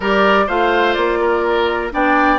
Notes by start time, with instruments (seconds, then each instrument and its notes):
0.00 bassoon G3, clarinet G4, oboe A#4, flute D5
0.46 bassoon A3, clarinet F4, oboe C5, flute F5
0.93 bassoon A#3, flute D5
1.21 oboe A#4
1.92 bassoon B3, clarinet D4, oboe D5, flute G5